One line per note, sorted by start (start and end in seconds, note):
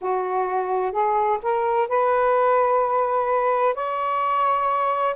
0.01 0.92 F#4
0.92 1.38 G#4
1.42 1.88 A#4
1.88 3.75 B4
3.75 5.15 C#5